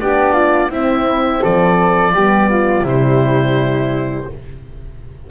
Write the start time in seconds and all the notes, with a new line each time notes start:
0.00 B3 D4 G4 D5
0.33 F4
0.70 C4 E4 E5
1.41 F3 A4 D5
2.13 G3 B3 G4
2.49 F4
2.82 C3 G3 E4
2.88 C5